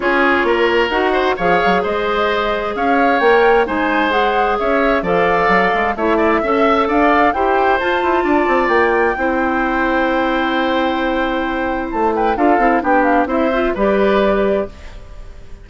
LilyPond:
<<
  \new Staff \with { instrumentName = "flute" } { \time 4/4 \tempo 4 = 131 cis''2 fis''4 f''4 | dis''2 f''4 g''4 | gis''4 fis''4 e''4 f''4~ | f''4 e''2 f''4 |
g''4 a''2 g''4~ | g''1~ | g''2 a''8 g''8 f''4 | g''8 f''8 e''4 d''2 | }
  \new Staff \with { instrumentName = "oboe" } { \time 4/4 gis'4 ais'4. c''8 cis''4 | c''2 cis''2 | c''2 cis''4 d''4~ | d''4 cis''8 d''8 e''4 d''4 |
c''2 d''2 | c''1~ | c''2~ c''8 b'8 a'4 | g'4 c''4 b'2 | }
  \new Staff \with { instrumentName = "clarinet" } { \time 4/4 f'2 fis'4 gis'4~ | gis'2. ais'4 | dis'4 gis'2 a'4~ | a'4 e'4 a'2 |
g'4 f'2. | e'1~ | e'2. f'8 e'8 | d'4 e'8 f'8 g'2 | }
  \new Staff \with { instrumentName = "bassoon" } { \time 4/4 cis'4 ais4 dis'4 f8 fis8 | gis2 cis'4 ais4 | gis2 cis'4 f4 | fis8 gis8 a4 cis'4 d'4 |
e'4 f'8 e'8 d'8 c'8 ais4 | c'1~ | c'2 a4 d'8 c'8 | b4 c'4 g2 | }
>>